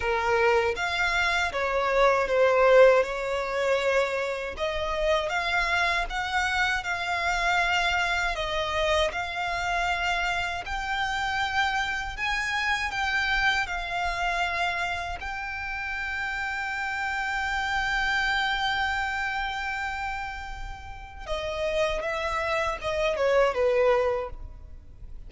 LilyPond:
\new Staff \with { instrumentName = "violin" } { \time 4/4 \tempo 4 = 79 ais'4 f''4 cis''4 c''4 | cis''2 dis''4 f''4 | fis''4 f''2 dis''4 | f''2 g''2 |
gis''4 g''4 f''2 | g''1~ | g''1 | dis''4 e''4 dis''8 cis''8 b'4 | }